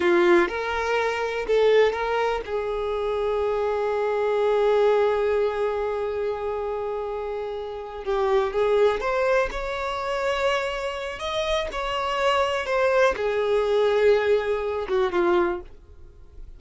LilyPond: \new Staff \with { instrumentName = "violin" } { \time 4/4 \tempo 4 = 123 f'4 ais'2 a'4 | ais'4 gis'2.~ | gis'1~ | gis'1~ |
gis'8 g'4 gis'4 c''4 cis''8~ | cis''2. dis''4 | cis''2 c''4 gis'4~ | gis'2~ gis'8 fis'8 f'4 | }